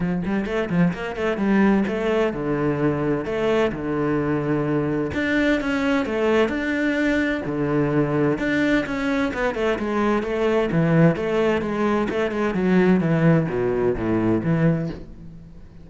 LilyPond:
\new Staff \with { instrumentName = "cello" } { \time 4/4 \tempo 4 = 129 f8 g8 a8 f8 ais8 a8 g4 | a4 d2 a4 | d2. d'4 | cis'4 a4 d'2 |
d2 d'4 cis'4 | b8 a8 gis4 a4 e4 | a4 gis4 a8 gis8 fis4 | e4 b,4 a,4 e4 | }